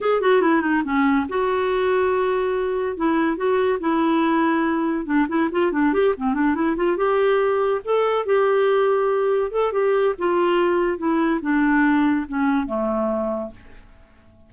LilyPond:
\new Staff \with { instrumentName = "clarinet" } { \time 4/4 \tempo 4 = 142 gis'8 fis'8 e'8 dis'8 cis'4 fis'4~ | fis'2. e'4 | fis'4 e'2. | d'8 e'8 f'8 d'8 g'8 c'8 d'8 e'8 |
f'8 g'2 a'4 g'8~ | g'2~ g'8 a'8 g'4 | f'2 e'4 d'4~ | d'4 cis'4 a2 | }